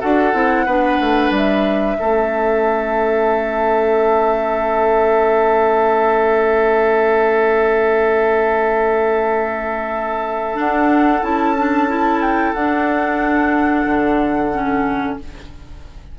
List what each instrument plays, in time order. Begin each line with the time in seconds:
0.00 bassoon D4, clarinet F#4, oboe A4, flute F#5
0.34 bassoon C4, clarinet E4
0.65 bassoon B3, clarinet D4, oboe B4
1.00 bassoon A3
1.30 bassoon G3
1.36 flute E5
1.99 bassoon A3, clarinet C#4, oboe A4
10.54 clarinet D4, bassoon D4, flute F#5
11.22 bassoon C#4, clarinet E4, flute A5
11.57 clarinet D4
11.88 clarinet E4
12.22 flute G5
12.54 bassoon D4, clarinet D4, flute F#5
13.85 bassoon D3
14.53 clarinet C#4